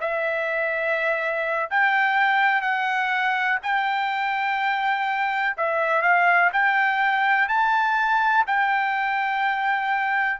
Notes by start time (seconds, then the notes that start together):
0.00 E5
1.70 G5
2.61 F#5
3.62 G5
5.57 E5
6.01 F5
6.52 G5
7.48 A5
8.46 G5